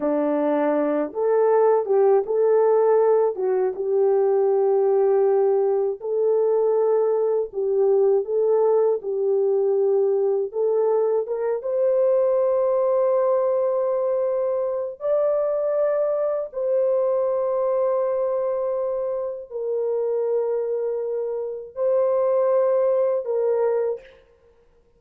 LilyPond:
\new Staff \with { instrumentName = "horn" } { \time 4/4 \tempo 4 = 80 d'4. a'4 g'8 a'4~ | a'8 fis'8 g'2. | a'2 g'4 a'4 | g'2 a'4 ais'8 c''8~ |
c''1 | d''2 c''2~ | c''2 ais'2~ | ais'4 c''2 ais'4 | }